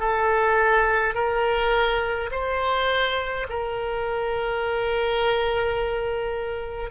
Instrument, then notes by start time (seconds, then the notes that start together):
oboe
0.00 A4
1.15 A#4
2.32 C5
3.49 A#4